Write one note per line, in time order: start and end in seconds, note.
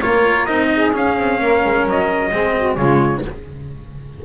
0.00 0.48 A#3
0.00 0.47 F4
0.00 0.69 A#4
0.00 0.45 C#5
0.45 0.94 C4
0.45 0.92 D#4
0.45 0.91 D#5
0.74 1.41 G#4
0.92 2.30 C#4
0.92 1.17 C#4
0.92 1.88 F5
1.17 1.40 C4
1.40 1.63 A#3
1.40 2.31 A#4
1.64 1.85 G#3
1.85 2.31 F#3
1.85 2.75 D#5
2.31 2.77 G#3
2.31 2.78 C4
2.31 2.54 G#4
2.57 2.77 F#4
2.75 3.23 C#3
2.75 3.24 G#3
2.75 3.22 F4
2.75 3.21 C#5